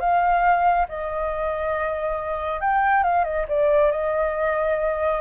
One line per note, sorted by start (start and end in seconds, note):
0.00 0.87 F5
0.89 2.61 D#5
2.61 3.04 G5
3.04 3.25 F5
3.25 3.46 D#5
3.49 3.92 D5
3.92 5.21 D#5